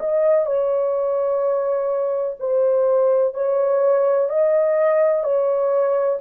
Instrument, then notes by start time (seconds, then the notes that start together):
horn
0.00 D#5
0.46 C#5
2.40 C5
3.35 C#5
4.29 D#5
5.24 C#5